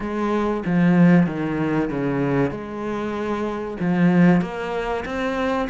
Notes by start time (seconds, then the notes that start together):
0.00 G#3
0.65 F3
1.26 D#3
1.89 C#3
2.51 G#3
3.80 F3
4.41 A#3
5.05 C4